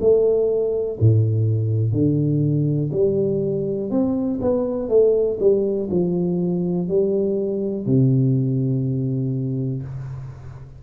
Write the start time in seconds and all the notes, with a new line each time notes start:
0.00 A3
1.00 A2
1.92 D3
2.92 G3
3.90 C4
4.41 B3
4.89 A3
5.39 G3
5.90 F3
6.88 G3
7.86 C3